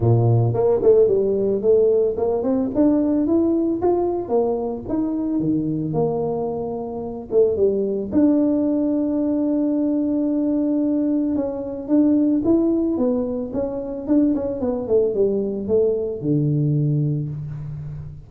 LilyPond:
\new Staff \with { instrumentName = "tuba" } { \time 4/4 \tempo 4 = 111 ais,4 ais8 a8 g4 a4 | ais8 c'8 d'4 e'4 f'4 | ais4 dis'4 dis4 ais4~ | ais4. a8 g4 d'4~ |
d'1~ | d'4 cis'4 d'4 e'4 | b4 cis'4 d'8 cis'8 b8 a8 | g4 a4 d2 | }